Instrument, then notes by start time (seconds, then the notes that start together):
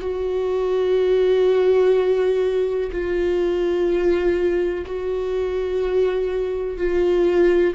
viola
0.00 F#4
2.91 F4
4.86 F#4
6.77 F4